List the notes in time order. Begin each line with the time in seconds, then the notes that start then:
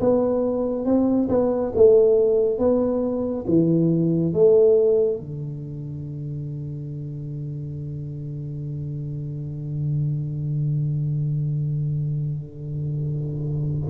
0.00 B3
0.85 C4
1.29 B3
1.75 A3
2.58 B3
3.47 E3
4.33 A3
5.20 D3